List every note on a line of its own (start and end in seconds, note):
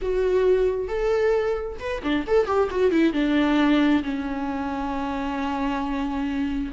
0.01 0.88 F#4
0.88 1.77 A4
1.79 2.02 B4
2.02 2.25 D4
2.27 2.46 A4
2.46 2.69 G4
2.70 2.91 F#4
2.91 3.13 E4
3.13 4.02 D4
4.03 6.71 C#4